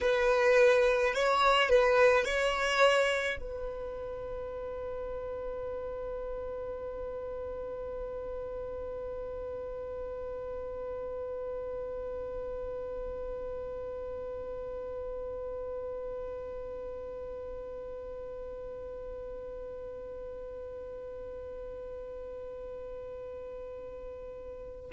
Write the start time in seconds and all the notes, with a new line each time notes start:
0.01 B4
1.14 C#5
1.69 B4
2.24 C#5
3.40 B4